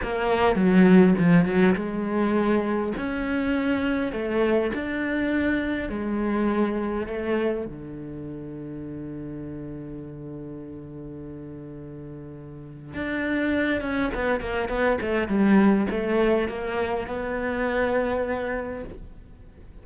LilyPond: \new Staff \with { instrumentName = "cello" } { \time 4/4 \tempo 4 = 102 ais4 fis4 f8 fis8 gis4~ | gis4 cis'2 a4 | d'2 gis2 | a4 d2.~ |
d1~ | d2 d'4. cis'8 | b8 ais8 b8 a8 g4 a4 | ais4 b2. | }